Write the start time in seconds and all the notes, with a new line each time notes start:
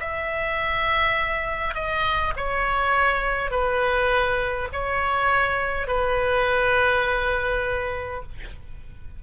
0.00 E5
1.75 D#5
2.37 C#5
3.51 B4
4.73 C#5
5.88 B4